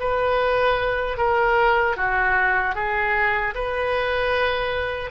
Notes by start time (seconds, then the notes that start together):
0.00 B4
1.18 A#4
1.97 F#4
2.76 G#4
3.55 B4